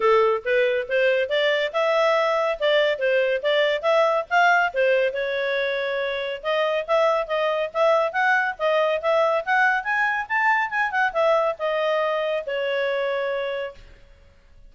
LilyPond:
\new Staff \with { instrumentName = "clarinet" } { \time 4/4 \tempo 4 = 140 a'4 b'4 c''4 d''4 | e''2 d''4 c''4 | d''4 e''4 f''4 c''4 | cis''2. dis''4 |
e''4 dis''4 e''4 fis''4 | dis''4 e''4 fis''4 gis''4 | a''4 gis''8 fis''8 e''4 dis''4~ | dis''4 cis''2. | }